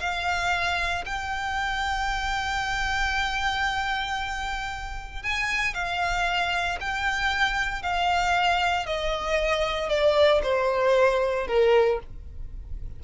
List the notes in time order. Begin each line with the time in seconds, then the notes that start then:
0.00 F5
1.06 G5
5.23 G#5
5.74 F5
6.81 G5
7.82 F5
8.86 D#5
9.89 D5
10.43 C5
11.47 A#4